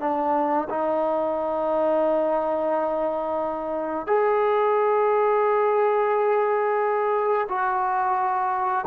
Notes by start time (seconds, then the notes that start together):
0.00 D4
0.69 D#4
4.07 G#4
7.49 F#4